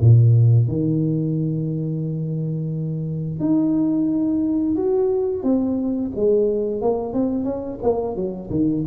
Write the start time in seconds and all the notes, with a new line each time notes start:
0.00 A#2
0.68 D#3
3.40 D#4
4.76 F#4
5.43 C4
6.15 G#3
6.81 A#3
7.13 C4
7.44 C#4
7.83 A#3
8.16 F#3
8.50 D#3